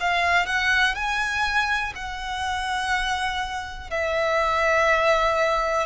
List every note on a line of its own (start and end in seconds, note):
0.00 0.46 F5
0.46 0.95 F#5
0.95 1.93 G#5
1.95 3.90 F#5
3.90 5.86 E5